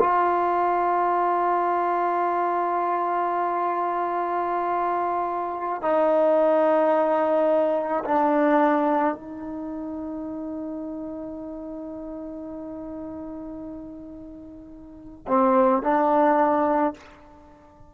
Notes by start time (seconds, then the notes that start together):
0.00 F4
5.82 D#4
8.05 D4
9.15 D#4
15.28 C4
15.83 D4